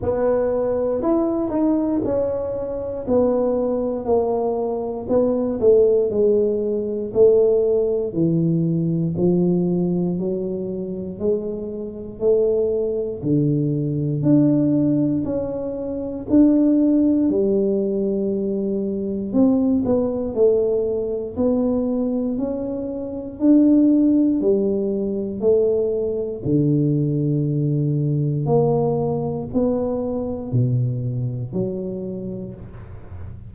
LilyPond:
\new Staff \with { instrumentName = "tuba" } { \time 4/4 \tempo 4 = 59 b4 e'8 dis'8 cis'4 b4 | ais4 b8 a8 gis4 a4 | e4 f4 fis4 gis4 | a4 d4 d'4 cis'4 |
d'4 g2 c'8 b8 | a4 b4 cis'4 d'4 | g4 a4 d2 | ais4 b4 b,4 fis4 | }